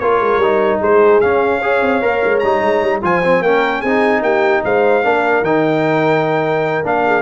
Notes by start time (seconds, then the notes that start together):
0.00 A#3 F4 A#4 C#5
0.21 G#3
0.37 G3 D#4
0.81 G#3 G#4 C5
1.21 C#4 F5
1.60 G#4 C#5
1.82 C4
2.02 A#3 A#4
2.25 G#3
2.39 G3 D#4 A#5
2.62 G#3
2.82 G3
3.03 F3 F4 C5 G#5
3.24 C4
3.41 A#3 C#4 A#4 G5
3.80 C4 D#4 G#4 G#5
4.22 A#3 G4 G5
4.65 G#3 C5 F5
5.04 A#3 D4 A#4
5.42 D#3 D#4 G5
6.84 A#3 D4 F5
7.06 G#4